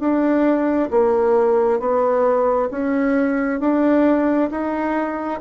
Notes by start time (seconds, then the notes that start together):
0.00 D4
0.91 A#3
1.80 B3
2.71 C#4
3.61 D4
4.51 D#4